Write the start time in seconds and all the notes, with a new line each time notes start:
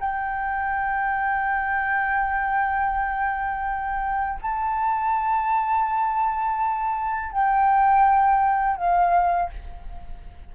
0.00 G5
4.42 A5
7.32 G5
8.77 F5